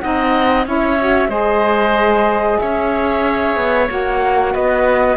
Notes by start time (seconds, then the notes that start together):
0.00 C4 D#4 D#5 F#5
0.66 C#4 E4 C#5 E5
1.00 F#4
1.28 G#3 G#4 C5 D#5
2.60 C#4 C#5 E5
3.56 B3
3.88 A#3 F#4 F#5
4.54 B3 B4 D#5